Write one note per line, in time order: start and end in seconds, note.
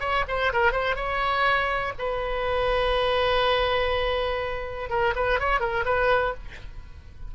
0.00 0.24 C#5
0.28 0.52 C5
0.53 0.72 A#4
0.72 0.96 C5
0.96 1.93 C#5
1.99 4.90 B4
4.90 5.14 A#4
5.16 5.40 B4
5.40 5.60 C#5
5.60 5.85 A#4
5.85 6.34 B4